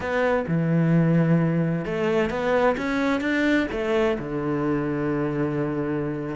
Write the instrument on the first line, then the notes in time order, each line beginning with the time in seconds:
cello
0.00 B3
0.47 E3
1.85 A3
2.30 B3
2.77 C#4
3.20 D4
3.71 A3
4.18 D3